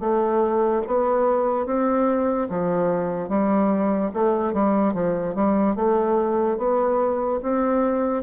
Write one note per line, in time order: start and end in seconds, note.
0.00 0.82 A3
0.87 1.66 B3
1.66 2.48 C4
2.50 3.29 F3
3.29 4.11 G3
4.14 4.54 A3
4.54 4.94 G3
4.94 5.35 F3
5.35 5.76 G3
5.76 6.58 A3
6.58 7.40 B3
7.42 8.23 C4